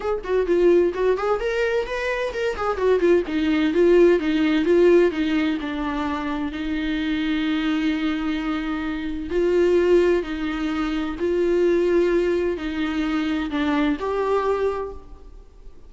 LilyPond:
\new Staff \with { instrumentName = "viola" } { \time 4/4 \tempo 4 = 129 gis'8 fis'8 f'4 fis'8 gis'8 ais'4 | b'4 ais'8 gis'8 fis'8 f'8 dis'4 | f'4 dis'4 f'4 dis'4 | d'2 dis'2~ |
dis'1 | f'2 dis'2 | f'2. dis'4~ | dis'4 d'4 g'2 | }